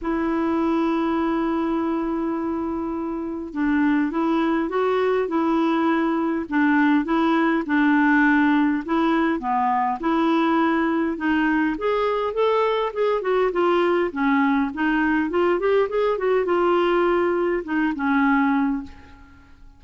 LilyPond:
\new Staff \with { instrumentName = "clarinet" } { \time 4/4 \tempo 4 = 102 e'1~ | e'2 d'4 e'4 | fis'4 e'2 d'4 | e'4 d'2 e'4 |
b4 e'2 dis'4 | gis'4 a'4 gis'8 fis'8 f'4 | cis'4 dis'4 f'8 g'8 gis'8 fis'8 | f'2 dis'8 cis'4. | }